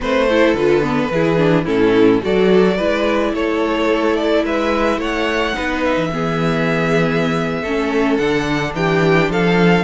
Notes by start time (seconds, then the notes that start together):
0.00 A3 C4 B4 C5
0.28 E4 A4
0.53 D3 F4 B4
0.82 B3
1.10 E3 E4 G#4
1.36 D4
1.64 A2 C#4 E4 A4
2.21 F#3 F#4 A4 D5
2.76 G#3 E4 B4
3.33 A3 A4 C#5
4.16 D5
4.44 G#3 B4 E5
4.97 A3 C#5 F#5
5.54 B3 D#4 B4
5.84 E5
5.96 E3
6.12 B3 G#4
7.61 A3 C#4 A4
8.17 D3 D4 F#5
8.74 E3 G4 G5
9.29 F3 A4 F5